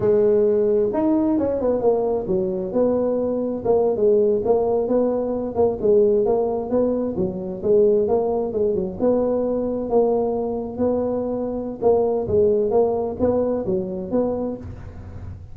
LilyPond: \new Staff \with { instrumentName = "tuba" } { \time 4/4 \tempo 4 = 132 gis2 dis'4 cis'8 b8 | ais4 fis4 b2 | ais8. gis4 ais4 b4~ b16~ | b16 ais8 gis4 ais4 b4 fis16~ |
fis8. gis4 ais4 gis8 fis8 b16~ | b4.~ b16 ais2 b16~ | b2 ais4 gis4 | ais4 b4 fis4 b4 | }